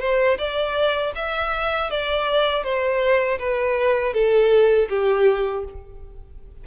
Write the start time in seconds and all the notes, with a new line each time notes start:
0.00 C5
0.38 D5
1.16 E5
1.91 D5
2.64 C5
3.39 B4
4.14 A4
4.90 G4